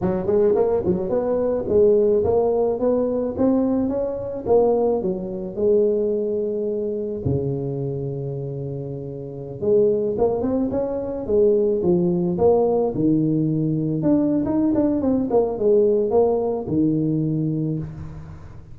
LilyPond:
\new Staff \with { instrumentName = "tuba" } { \time 4/4 \tempo 4 = 108 fis8 gis8 ais8 fis8 b4 gis4 | ais4 b4 c'4 cis'4 | ais4 fis4 gis2~ | gis4 cis2.~ |
cis4~ cis16 gis4 ais8 c'8 cis'8.~ | cis'16 gis4 f4 ais4 dis8.~ | dis4~ dis16 d'8. dis'8 d'8 c'8 ais8 | gis4 ais4 dis2 | }